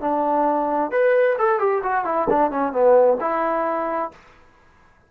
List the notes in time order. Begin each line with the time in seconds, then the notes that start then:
0.00 D4
0.91 B4
1.38 A4
1.59 G4
1.83 F#4
2.05 E4
2.30 D4
2.50 C#4
2.72 B3
3.20 E4